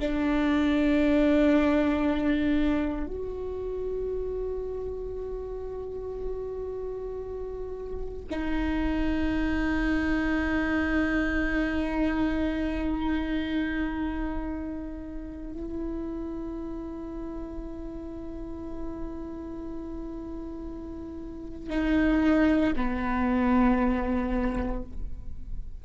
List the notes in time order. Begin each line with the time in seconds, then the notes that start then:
0.00 D4
3.08 F#4
8.31 D#4
15.54 E4
21.71 D#4
22.76 B3